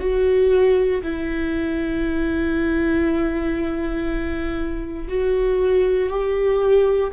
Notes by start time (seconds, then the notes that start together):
0.00 F#4
1.03 E4
5.08 F#4
6.09 G4